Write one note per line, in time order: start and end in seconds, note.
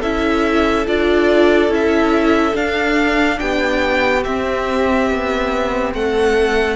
0.00 0.87 C#4
0.00 0.87 E4
0.00 3.38 A4
0.00 0.87 E5
0.87 1.69 D4
0.87 1.70 F4
0.87 1.72 D5
1.69 2.54 C#4
1.69 2.53 E4
1.69 2.57 E5
2.53 4.22 D4
2.53 3.40 D4
2.53 3.39 F5
3.39 4.26 B3
3.39 5.95 G4
3.39 4.24 G5
4.24 6.77 C4
4.24 5.11 C4
4.24 5.93 E5
5.11 5.95 B3
5.95 6.77 A3
5.95 6.77 A4
5.95 6.77 F#5